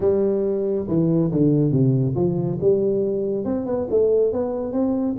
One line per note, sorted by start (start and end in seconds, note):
0.00 0.87 G3
0.88 1.31 E3
1.31 1.71 D3
1.71 2.14 C3
2.15 2.58 F3
2.60 3.44 G3
3.44 3.66 C4
3.66 3.87 B3
3.90 4.32 A3
4.32 4.72 B3
4.72 5.15 C4